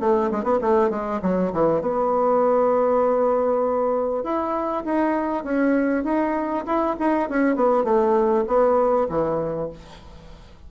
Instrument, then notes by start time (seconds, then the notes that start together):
bassoon
0.00 A3
0.31 G#3
0.44 B3
0.61 A3
0.90 G#3
1.22 F#3
1.53 E3
1.81 B3
4.23 E4
4.85 D#4
5.44 C#4
6.04 D#4
6.66 E4
6.99 D#4
7.29 C#4
7.56 B3
7.84 A3
8.47 B3
9.09 E3